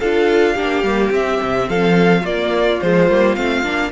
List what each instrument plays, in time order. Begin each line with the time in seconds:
0.00 cello D4, viola F4, violin A4 F5
0.55 cello A#3, viola D4, violin G4
0.83 cello G3, viola A#3
1.11 viola C4, cello C4, violin E5
1.42 cello C3
1.69 cello F3, violin A4 F5
2.22 cello A#3, viola A#3, violin F4 D5
2.81 cello F3, viola G#3, violin C5
3.09 cello G3, viola A#3
3.36 cello A3, viola C4, violin F5
3.63 cello A#3, viola D4